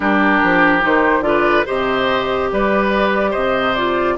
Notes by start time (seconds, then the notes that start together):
0.00 G3 D4 G4 A#4
0.42 F3
0.81 D#3 D#4 C5
1.20 D3 F4 D5
1.27 B4
1.65 C3 G4 C5 D#5
2.52 G3 B4 D5
3.30 C3 C5 D#5
3.75 F4 D5